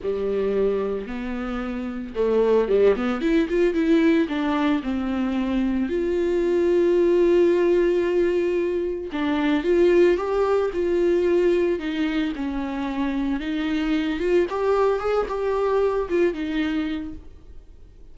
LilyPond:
\new Staff \with { instrumentName = "viola" } { \time 4/4 \tempo 4 = 112 g2 b2 | a4 g8 b8 e'8 f'8 e'4 | d'4 c'2 f'4~ | f'1~ |
f'4 d'4 f'4 g'4 | f'2 dis'4 cis'4~ | cis'4 dis'4. f'8 g'4 | gis'8 g'4. f'8 dis'4. | }